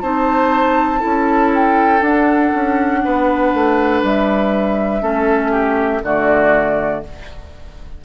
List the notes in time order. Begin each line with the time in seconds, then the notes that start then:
0.00 C4 D#4 C5 A5
0.99 C#4 E4 A4
1.54 G5
2.01 D4 F#5
2.54 C#4
3.04 B3 B4
3.53 A3
4.02 G3 E5
5.01 A3 C#4 A4
5.51 G4
6.02 D3 A3 F#4 D5